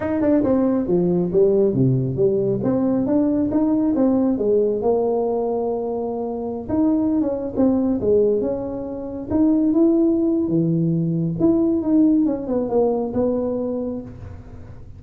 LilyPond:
\new Staff \with { instrumentName = "tuba" } { \time 4/4 \tempo 4 = 137 dis'8 d'8 c'4 f4 g4 | c4 g4 c'4 d'4 | dis'4 c'4 gis4 ais4~ | ais2.~ ais16 dis'8.~ |
dis'8 cis'8. c'4 gis4 cis'8.~ | cis'4~ cis'16 dis'4 e'4.~ e'16 | e2 e'4 dis'4 | cis'8 b8 ais4 b2 | }